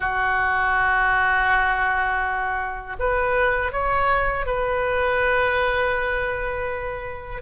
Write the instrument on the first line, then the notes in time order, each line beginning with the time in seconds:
oboe
0.00 F#4
2.99 B4
3.72 C#5
4.46 B4